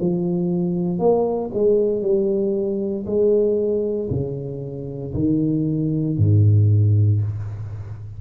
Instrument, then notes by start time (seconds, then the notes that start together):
tuba
0.00 F3
0.99 A#3
1.54 G#3
2.02 G3
3.06 G#3
4.10 C#3
5.14 D#3
6.18 G#2